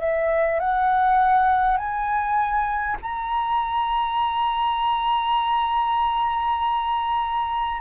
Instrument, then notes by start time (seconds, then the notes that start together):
flute
0.00 E5
0.60 F#5
1.77 G#5
3.02 A#5